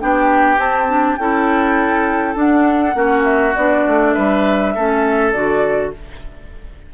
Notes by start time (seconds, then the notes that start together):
0.00 B3 D4 G4 G5
0.58 C4 A5
0.88 D4
1.17 C#4 E4 A4 G5
2.36 D4 F#5
2.94 A#3 C#4 F#4
3.25 E5
3.55 B3 D4 D5
3.87 A3
4.14 G3 B4 E5
4.75 A3 C#4 A4
5.32 D3 F#4 D5